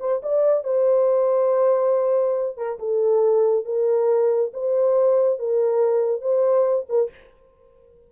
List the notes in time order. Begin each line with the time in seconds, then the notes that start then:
0.00 C5
0.23 D5
0.64 C5
2.57 A#4
2.79 A4
3.65 A#4
4.53 C5
5.39 A#4
6.22 C5
6.89 A#4